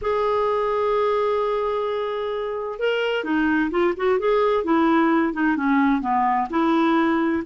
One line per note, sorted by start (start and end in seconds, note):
0.01 2.79 G#4
2.79 3.23 A#4
3.23 3.70 D#4
3.70 3.94 F4
3.96 4.19 F#4
4.19 4.64 G#4
4.64 5.33 E4
5.33 5.56 D#4
5.56 6.01 C#4
6.01 6.48 B3
6.50 7.43 E4